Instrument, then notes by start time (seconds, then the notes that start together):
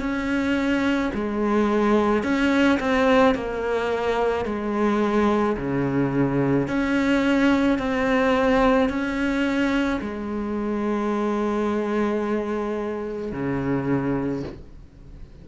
cello
0.00 C#4
1.14 G#3
2.23 C#4
2.79 C4
3.35 A#3
4.45 G#3
5.57 C#3
6.68 C#4
7.79 C4
8.89 C#4
10.01 G#3
13.32 C#3